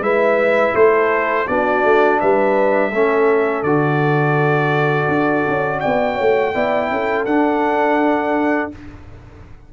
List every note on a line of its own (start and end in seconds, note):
0.00 0.72 G#3
0.00 1.47 E4
0.00 0.75 B4
0.00 0.76 E5
0.75 1.47 A3
0.75 1.47 A4
0.75 1.48 C5
1.47 1.84 B3
1.47 2.92 D4
1.47 2.21 F#4
1.47 2.20 D5
1.84 2.20 A3
2.20 2.92 G3
2.20 2.90 B4
2.20 3.63 E5
2.90 3.63 A3
2.90 3.65 C#4
2.90 5.79 A4
3.63 5.08 D3
3.63 6.54 F#4
3.63 5.80 D5
5.08 5.45 D4
5.48 5.84 C#4
5.81 6.20 B3
5.81 6.15 D5
5.81 7.25 G5
6.15 6.55 A3
6.15 6.51 C#5
6.55 6.91 B3
6.55 7.27 E4
6.55 6.91 D5
6.91 7.26 C#4
6.91 8.73 A4
7.26 8.70 D4
7.26 8.72 D4
7.26 8.70 F#5